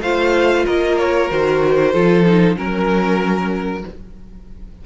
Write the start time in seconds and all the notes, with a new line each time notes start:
0.00 A3 F4 C5 F5
0.64 A#3 A#4 D#5
0.98 C#5
1.29 D#3 F#4 C5
1.92 F3 F4 A4
2.26 D#4
2.56 F#3 C#4 A#4